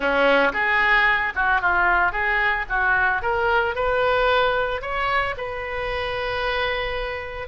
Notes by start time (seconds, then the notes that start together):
0.00 C#4
0.53 G#4
1.35 F#4
1.61 F4
2.12 G#4
2.69 F#4
3.21 A#4
3.75 B4
4.81 C#5
5.37 B4